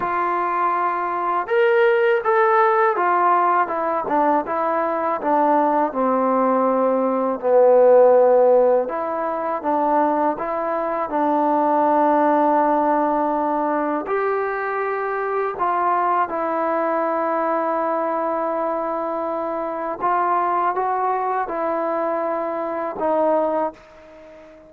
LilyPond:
\new Staff \with { instrumentName = "trombone" } { \time 4/4 \tempo 4 = 81 f'2 ais'4 a'4 | f'4 e'8 d'8 e'4 d'4 | c'2 b2 | e'4 d'4 e'4 d'4~ |
d'2. g'4~ | g'4 f'4 e'2~ | e'2. f'4 | fis'4 e'2 dis'4 | }